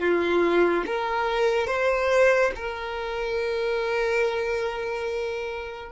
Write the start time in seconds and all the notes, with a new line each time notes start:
0.00 F4
0.87 A#4
1.67 C5
2.56 A#4